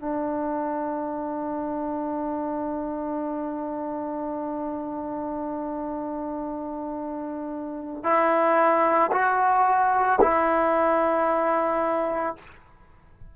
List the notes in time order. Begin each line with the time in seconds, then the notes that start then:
0.00 D4
8.04 E4
9.12 F#4
10.21 E4